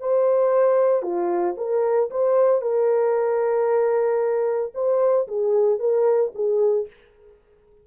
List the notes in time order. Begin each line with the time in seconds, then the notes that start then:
0.00 C5
1.03 F4
1.57 A#4
2.11 C5
2.62 A#4
4.75 C5
5.28 G#4
5.79 A#4
6.35 G#4